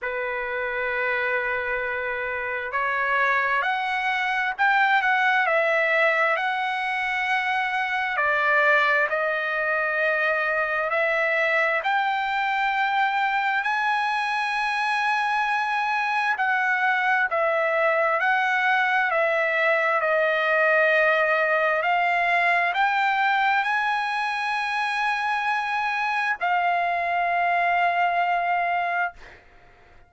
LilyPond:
\new Staff \with { instrumentName = "trumpet" } { \time 4/4 \tempo 4 = 66 b'2. cis''4 | fis''4 g''8 fis''8 e''4 fis''4~ | fis''4 d''4 dis''2 | e''4 g''2 gis''4~ |
gis''2 fis''4 e''4 | fis''4 e''4 dis''2 | f''4 g''4 gis''2~ | gis''4 f''2. | }